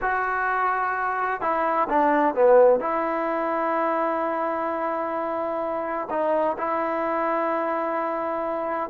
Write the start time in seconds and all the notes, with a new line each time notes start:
0.01 F#4
1.41 E4
1.89 D4
2.35 B3
2.80 E4
6.09 D#4
6.58 E4